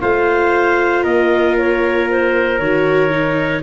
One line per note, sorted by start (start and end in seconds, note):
0.00 1.03 A3
0.00 2.59 F4
0.00 1.03 C5
0.00 1.03 F5
1.03 2.59 A#3
1.03 3.62 A#4
1.03 1.55 D#5
1.57 2.09 C#5
2.09 2.59 C5
2.59 3.62 D#3
2.59 3.10 F#4
2.59 3.62 C#5
3.10 3.62 D#4